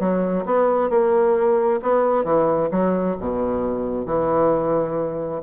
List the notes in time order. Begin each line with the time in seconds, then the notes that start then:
0.00 F#3
0.46 B3
0.90 A#3
1.83 B3
2.25 E3
2.71 F#3
3.20 B2
4.06 E3